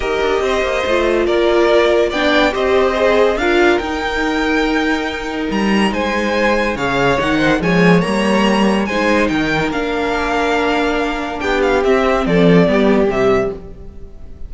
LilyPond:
<<
  \new Staff \with { instrumentName = "violin" } { \time 4/4 \tempo 4 = 142 dis''2. d''4~ | d''4 g''4 dis''2 | f''4 g''2.~ | g''4 ais''4 gis''2 |
f''4 fis''4 gis''4 ais''4~ | ais''4 gis''4 g''4 f''4~ | f''2. g''8 f''8 | e''4 d''2 e''4 | }
  \new Staff \with { instrumentName = "violin" } { \time 4/4 ais'4 c''2 ais'4~ | ais'4 d''4 c''2 | ais'1~ | ais'2 c''2 |
cis''4. c''8 cis''2~ | cis''4 c''4 ais'2~ | ais'2. g'4~ | g'4 a'4 g'2 | }
  \new Staff \with { instrumentName = "viola" } { \time 4/4 g'2 f'2~ | f'4 d'4 g'4 gis'4 | f'4 dis'2.~ | dis'1 |
gis'4 dis'4 gis4 ais4~ | ais4 dis'2 d'4~ | d'1 | c'2 b4 g4 | }
  \new Staff \with { instrumentName = "cello" } { \time 4/4 dis'8 d'8 c'8 ais8 a4 ais4~ | ais4 b4 c'2 | d'4 dis'2.~ | dis'4 g4 gis2 |
cis4 dis4 f4 g4~ | g4 gis4 dis4 ais4~ | ais2. b4 | c'4 f4 g4 c4 | }
>>